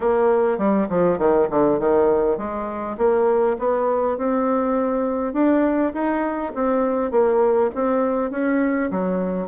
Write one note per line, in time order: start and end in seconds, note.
0.00 0.58 A#3
0.58 0.87 G3
0.89 1.18 F3
1.18 1.48 D#3
1.50 1.79 D3
1.79 2.37 D#3
2.37 2.96 G#3
2.97 3.56 A#3
3.59 4.17 B3
4.17 5.33 C4
5.33 5.92 D4
5.93 6.53 D#4
6.55 7.11 C4
7.11 7.70 A#3
7.74 8.30 C4
8.30 8.90 C#4
8.90 9.48 F#3